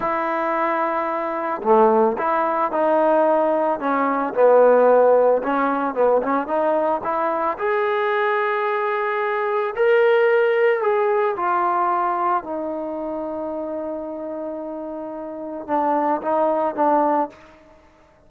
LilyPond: \new Staff \with { instrumentName = "trombone" } { \time 4/4 \tempo 4 = 111 e'2. a4 | e'4 dis'2 cis'4 | b2 cis'4 b8 cis'8 | dis'4 e'4 gis'2~ |
gis'2 ais'2 | gis'4 f'2 dis'4~ | dis'1~ | dis'4 d'4 dis'4 d'4 | }